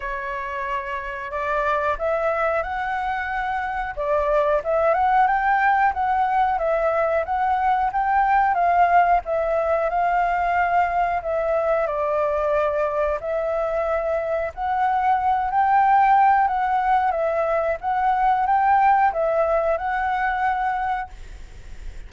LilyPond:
\new Staff \with { instrumentName = "flute" } { \time 4/4 \tempo 4 = 91 cis''2 d''4 e''4 | fis''2 d''4 e''8 fis''8 | g''4 fis''4 e''4 fis''4 | g''4 f''4 e''4 f''4~ |
f''4 e''4 d''2 | e''2 fis''4. g''8~ | g''4 fis''4 e''4 fis''4 | g''4 e''4 fis''2 | }